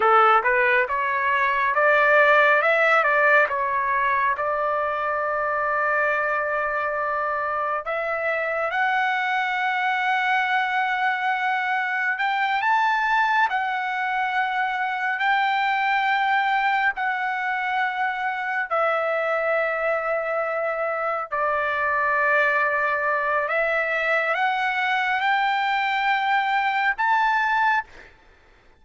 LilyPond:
\new Staff \with { instrumentName = "trumpet" } { \time 4/4 \tempo 4 = 69 a'8 b'8 cis''4 d''4 e''8 d''8 | cis''4 d''2.~ | d''4 e''4 fis''2~ | fis''2 g''8 a''4 fis''8~ |
fis''4. g''2 fis''8~ | fis''4. e''2~ e''8~ | e''8 d''2~ d''8 e''4 | fis''4 g''2 a''4 | }